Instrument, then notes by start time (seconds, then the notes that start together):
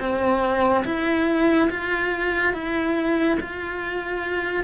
cello
0.00 C4
0.85 E4
1.70 F4
2.54 E4
3.40 F4